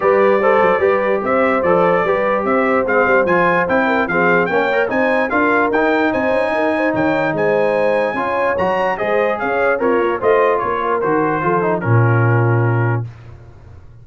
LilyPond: <<
  \new Staff \with { instrumentName = "trumpet" } { \time 4/4 \tempo 4 = 147 d''2. e''4 | d''2 e''4 f''4 | gis''4 g''4 f''4 g''4 | gis''4 f''4 g''4 gis''4~ |
gis''4 g''4 gis''2~ | gis''4 ais''4 dis''4 f''4 | cis''4 dis''4 cis''4 c''4~ | c''4 ais'2. | }
  \new Staff \with { instrumentName = "horn" } { \time 4/4 b'4 c''4 b'4 c''4~ | c''4 b'4 c''2~ | c''4. ais'8 gis'4 cis''4 | c''4 ais'2 c''4 |
ais'8 c''8 cis''4 c''2 | cis''2 c''4 cis''4 | f'4 c''4 ais'2 | a'4 f'2. | }
  \new Staff \with { instrumentName = "trombone" } { \time 4/4 g'4 a'4 g'2 | a'4 g'2 c'4 | f'4 e'4 c'4 cis'8 ais'8 | dis'4 f'4 dis'2~ |
dis'1 | f'4 fis'4 gis'2 | ais'4 f'2 fis'4 | f'8 dis'8 cis'2. | }
  \new Staff \with { instrumentName = "tuba" } { \time 4/4 g4. fis8 g4 c'4 | f4 g4 c'4 gis8 g8 | f4 c'4 f4 ais4 | c'4 d'4 dis'4 c'8 cis'8 |
dis'4 dis4 gis2 | cis'4 fis4 gis4 cis'4 | c'8 ais8 a4 ais4 dis4 | f4 ais,2. | }
>>